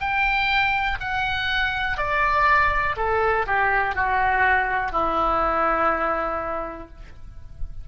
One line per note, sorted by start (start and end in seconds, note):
0.00 0.98 G5
1.00 1.98 F#5
1.98 2.96 D5
2.96 3.46 A4
3.47 3.95 G4
3.95 4.92 F#4
4.92 6.89 E4